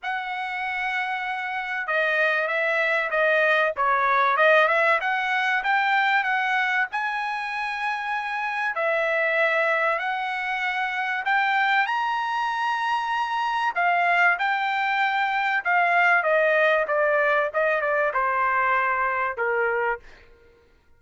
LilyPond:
\new Staff \with { instrumentName = "trumpet" } { \time 4/4 \tempo 4 = 96 fis''2. dis''4 | e''4 dis''4 cis''4 dis''8 e''8 | fis''4 g''4 fis''4 gis''4~ | gis''2 e''2 |
fis''2 g''4 ais''4~ | ais''2 f''4 g''4~ | g''4 f''4 dis''4 d''4 | dis''8 d''8 c''2 ais'4 | }